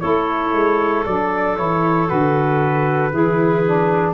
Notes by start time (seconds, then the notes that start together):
0.00 A3 E4 A4 C#5
0.53 G#3
1.05 F#3 D4 D5
1.56 E3 E4 C#5
2.07 D3 F#4 B4
3.11 E3 E4 G#4
3.65 D4